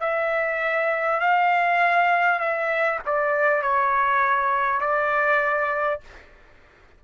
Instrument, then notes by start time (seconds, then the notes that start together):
trumpet
0.00 E5
1.20 F5
2.39 E5
3.05 D5
3.62 C#5
4.80 D5